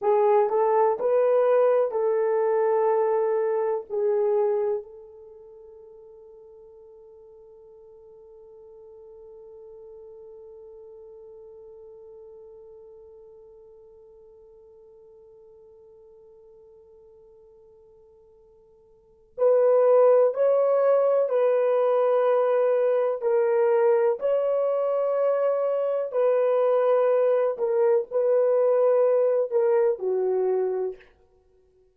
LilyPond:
\new Staff \with { instrumentName = "horn" } { \time 4/4 \tempo 4 = 62 gis'8 a'8 b'4 a'2 | gis'4 a'2.~ | a'1~ | a'1~ |
a'1 | b'4 cis''4 b'2 | ais'4 cis''2 b'4~ | b'8 ais'8 b'4. ais'8 fis'4 | }